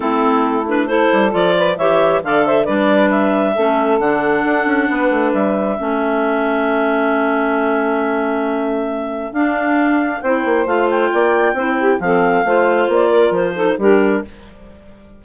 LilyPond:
<<
  \new Staff \with { instrumentName = "clarinet" } { \time 4/4 \tempo 4 = 135 a'4. b'8 c''4 d''4 | e''4 f''8 e''8 d''4 e''4~ | e''4 fis''2. | e''1~ |
e''1~ | e''4 f''2 g''4 | f''8 g''2~ g''8 f''4~ | f''4 d''4 c''4 ais'4 | }
  \new Staff \with { instrumentName = "saxophone" } { \time 4/4 e'2 a'4. b'8 | cis''4 d''8 c''8 b'2 | a'2. b'4~ | b'4 a'2.~ |
a'1~ | a'2. c''4~ | c''4 d''4 c''8 g'8 a'4 | c''4. ais'4 a'8 g'4 | }
  \new Staff \with { instrumentName = "clarinet" } { \time 4/4 c'4. d'8 e'4 f'4 | g'4 a'4 d'2 | cis'4 d'2.~ | d'4 cis'2.~ |
cis'1~ | cis'4 d'2 e'4 | f'2 e'4 c'4 | f'2~ f'8 dis'8 d'4 | }
  \new Staff \with { instrumentName = "bassoon" } { \time 4/4 a2~ a8 g8 f4 | e4 d4 g2 | a4 d4 d'8 cis'8 b8 a8 | g4 a2.~ |
a1~ | a4 d'2 c'8 ais8 | a4 ais4 c'4 f4 | a4 ais4 f4 g4 | }
>>